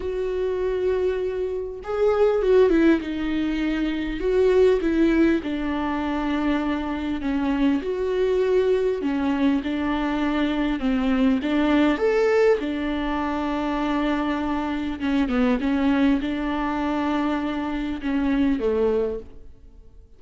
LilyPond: \new Staff \with { instrumentName = "viola" } { \time 4/4 \tempo 4 = 100 fis'2. gis'4 | fis'8 e'8 dis'2 fis'4 | e'4 d'2. | cis'4 fis'2 cis'4 |
d'2 c'4 d'4 | a'4 d'2.~ | d'4 cis'8 b8 cis'4 d'4~ | d'2 cis'4 a4 | }